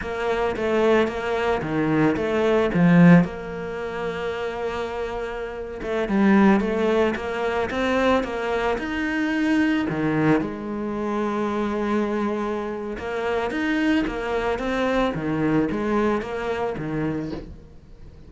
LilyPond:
\new Staff \with { instrumentName = "cello" } { \time 4/4 \tempo 4 = 111 ais4 a4 ais4 dis4 | a4 f4 ais2~ | ais2~ ais8. a8 g8.~ | g16 a4 ais4 c'4 ais8.~ |
ais16 dis'2 dis4 gis8.~ | gis1 | ais4 dis'4 ais4 c'4 | dis4 gis4 ais4 dis4 | }